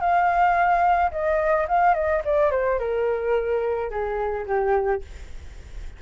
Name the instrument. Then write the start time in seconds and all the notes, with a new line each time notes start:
flute
0.00 F5
1.12 D#5
1.68 F5
1.94 D#5
2.25 D5
2.51 C5
2.79 A#4
3.90 G#4
4.46 G4